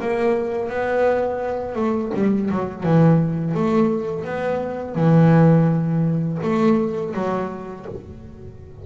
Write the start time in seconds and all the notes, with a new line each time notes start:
0.00 A#3
0.69 B3
1.75 A3
2.14 G3
2.51 F#3
2.83 E3
3.54 A3
4.24 B3
4.95 E3
6.43 A3
7.14 F#3